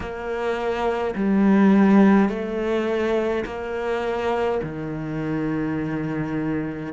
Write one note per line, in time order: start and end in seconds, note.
0.00 1.14 A#3
1.15 2.29 G3
2.29 3.44 A3
3.45 4.60 A#3
4.63 6.92 D#3